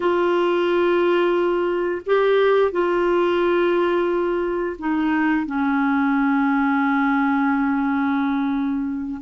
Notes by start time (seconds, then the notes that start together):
0.00 F4
2.05 G4
2.71 F4
4.79 D#4
5.46 C#4